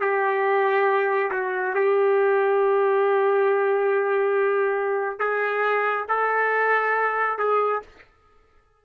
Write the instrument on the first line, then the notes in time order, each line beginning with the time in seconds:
trumpet
0.00 G4
1.31 F#4
1.74 G4
5.19 G#4
6.08 A4
7.38 G#4